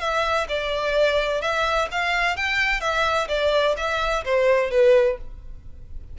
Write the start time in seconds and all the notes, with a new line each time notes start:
0.00 E5
0.48 D5
1.41 E5
1.91 F5
2.36 G5
2.80 E5
3.28 D5
3.77 E5
4.24 C5
4.70 B4